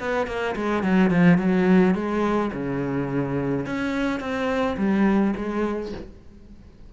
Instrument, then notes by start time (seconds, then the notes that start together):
cello
0.00 B3
0.27 A#3
0.56 G#3
0.84 F#3
1.11 F3
1.38 F#3
1.95 G#3
2.54 C#3
3.66 C#4
4.20 C4
4.78 G3
5.36 G#3